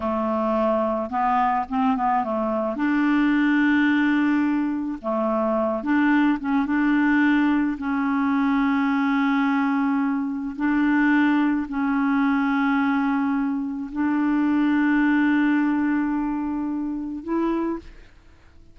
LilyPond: \new Staff \with { instrumentName = "clarinet" } { \time 4/4 \tempo 4 = 108 a2 b4 c'8 b8 | a4 d'2.~ | d'4 a4. d'4 cis'8 | d'2 cis'2~ |
cis'2. d'4~ | d'4 cis'2.~ | cis'4 d'2.~ | d'2. e'4 | }